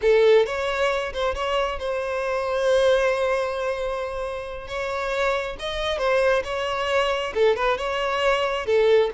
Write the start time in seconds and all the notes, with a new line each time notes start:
0.01 A4
0.46 C#5
1.13 C5
1.34 C#5
1.79 C5
4.67 C#5
5.59 D#5
5.98 C5
6.44 C#5
7.34 A4
7.56 B4
7.77 C#5
8.66 A4